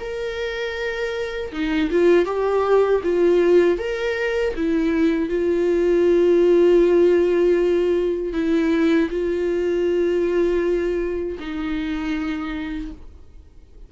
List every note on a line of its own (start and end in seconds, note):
0.00 1.52 A#4
1.52 1.90 D#4
1.91 2.25 F4
2.25 3.01 G4
3.03 3.78 F4
3.78 4.54 A#4
4.56 5.29 E4
5.29 8.33 F4
8.33 9.09 E4
9.10 11.38 F4
11.40 12.91 D#4